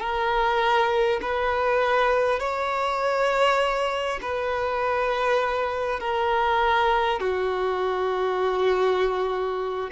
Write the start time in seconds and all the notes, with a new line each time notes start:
0.00 A#4
1.21 B4
2.39 C#5
4.21 B4
6.00 A#4
7.20 F#4